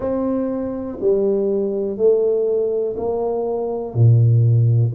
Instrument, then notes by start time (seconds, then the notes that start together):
tuba
0.00 C4
1.00 G3
1.97 A3
2.96 A#3
3.94 A#2